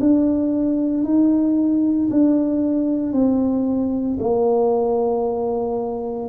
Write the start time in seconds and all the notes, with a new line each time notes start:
0.00 D4
1.04 D#4
2.10 D4
3.12 C4
4.20 A#3